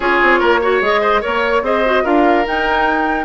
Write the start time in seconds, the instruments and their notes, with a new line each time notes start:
0.00 bassoon C#4, clarinet F4, oboe G#4, flute C#5
0.22 bassoon C4
0.39 bassoon A#3, oboe A#4
0.61 clarinet F#4, oboe C#5
0.81 bassoon G#3, clarinet G#4, flute D#5
1.01 oboe C5
1.21 bassoon A#3, clarinet A#4, oboe C#5, flute C#5
1.62 bassoon C4, clarinet G#4, oboe C5, flute D#5
1.85 clarinet F#4
2.03 bassoon D4, clarinet F4, oboe A#4, flute F5
2.45 clarinet D#4, bassoon D#4, flute G5